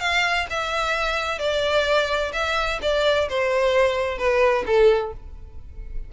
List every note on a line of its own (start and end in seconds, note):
0.00 0.47 F5
0.50 1.39 E5
1.39 2.32 D5
2.33 2.79 E5
2.82 3.29 D5
3.29 4.18 C5
4.18 4.64 B4
4.67 5.13 A4